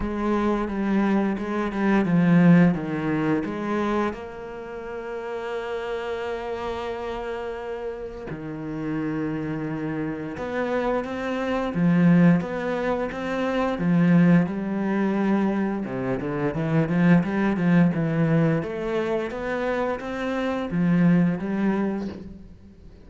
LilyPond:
\new Staff \with { instrumentName = "cello" } { \time 4/4 \tempo 4 = 87 gis4 g4 gis8 g8 f4 | dis4 gis4 ais2~ | ais1 | dis2. b4 |
c'4 f4 b4 c'4 | f4 g2 c8 d8 | e8 f8 g8 f8 e4 a4 | b4 c'4 f4 g4 | }